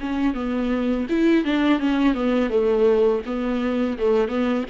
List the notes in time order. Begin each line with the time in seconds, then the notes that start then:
0.00 C#4
0.34 B3
1.09 E4
1.45 D4
1.79 C#4
2.14 B3
2.50 A3
3.26 B3
3.98 A3
4.28 B3